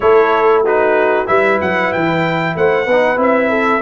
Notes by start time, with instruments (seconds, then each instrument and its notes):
0.00 tuba A3, trombone E4, horn A4, trumpet C#5
0.63 trombone D#4, horn F#4, trumpet B4
1.26 tuba G3, trombone E4, horn B4, trumpet E5
1.61 tuba F#3, trumpet F#5
1.92 tuba E3, trumpet G5
2.55 tuba A3, horn C5, trumpet F#5
2.86 tuba B3, trombone D#4, horn B4
3.16 tuba C4, trombone E4, trumpet E5
3.49 horn A4